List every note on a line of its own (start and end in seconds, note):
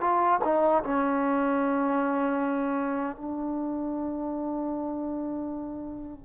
0.00 0.39 F4
0.44 0.83 D#4
0.83 3.16 C#4
3.16 6.25 D4